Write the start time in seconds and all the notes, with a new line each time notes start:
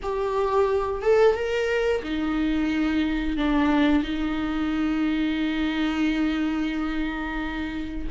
0.02 G4
1.02 A4
1.35 A#4
2.03 D#4
3.37 D4
4.03 D#4